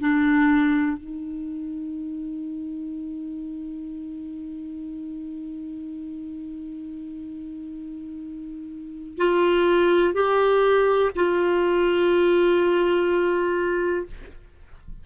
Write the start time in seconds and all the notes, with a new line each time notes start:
0.00 D4
0.97 D#4
9.17 F4
10.13 G4
11.15 F4